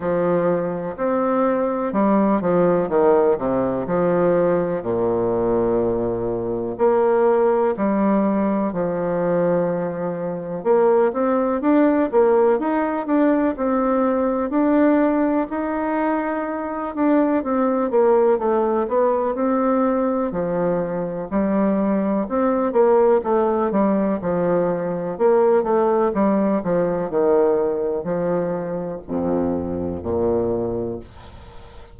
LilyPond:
\new Staff \with { instrumentName = "bassoon" } { \time 4/4 \tempo 4 = 62 f4 c'4 g8 f8 dis8 c8 | f4 ais,2 ais4 | g4 f2 ais8 c'8 | d'8 ais8 dis'8 d'8 c'4 d'4 |
dis'4. d'8 c'8 ais8 a8 b8 | c'4 f4 g4 c'8 ais8 | a8 g8 f4 ais8 a8 g8 f8 | dis4 f4 f,4 ais,4 | }